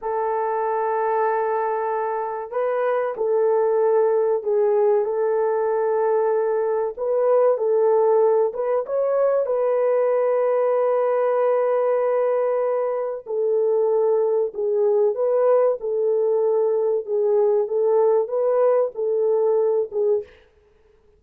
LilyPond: \new Staff \with { instrumentName = "horn" } { \time 4/4 \tempo 4 = 95 a'1 | b'4 a'2 gis'4 | a'2. b'4 | a'4. b'8 cis''4 b'4~ |
b'1~ | b'4 a'2 gis'4 | b'4 a'2 gis'4 | a'4 b'4 a'4. gis'8 | }